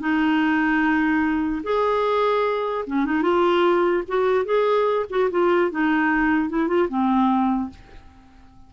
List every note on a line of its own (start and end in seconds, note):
0.00 1.62 D#4
1.64 2.85 G#4
2.87 3.06 C#4
3.06 3.22 D#4
3.22 4.03 F4
4.08 4.45 F#4
4.45 5.06 G#4
5.10 5.30 F#4
5.31 5.71 F4
5.71 6.49 D#4
6.49 6.68 E4
6.68 6.88 F4
6.89 7.70 C4